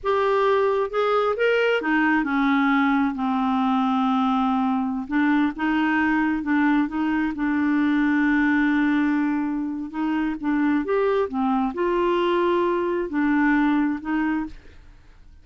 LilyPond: \new Staff \with { instrumentName = "clarinet" } { \time 4/4 \tempo 4 = 133 g'2 gis'4 ais'4 | dis'4 cis'2 c'4~ | c'2.~ c'16 d'8.~ | d'16 dis'2 d'4 dis'8.~ |
dis'16 d'2.~ d'8.~ | d'2 dis'4 d'4 | g'4 c'4 f'2~ | f'4 d'2 dis'4 | }